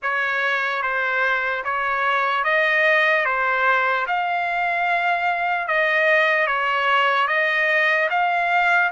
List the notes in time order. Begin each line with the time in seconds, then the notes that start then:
0.02 C#5
0.82 C5
1.64 C#5
2.44 D#5
3.25 C5
4.07 F5
5.68 D#5
6.46 C#5
7.28 D#5
8.09 F5